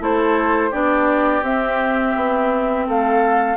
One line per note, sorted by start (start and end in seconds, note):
0.00 0.72 A3
0.00 0.71 E4
0.00 0.71 A4
0.00 0.73 C5
0.71 1.42 B3
0.71 1.43 D4
0.71 2.85 G4
0.71 1.44 D5
1.42 2.14 C4
1.42 3.57 C4
1.42 2.88 E5
2.16 2.88 B3
2.87 3.57 A3
2.87 3.57 A4
2.87 3.57 F5